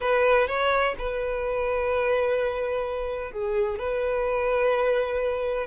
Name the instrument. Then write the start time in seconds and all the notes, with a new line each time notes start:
violin
0.00 B4
0.47 C#5
0.98 B4
3.32 G#4
3.78 B4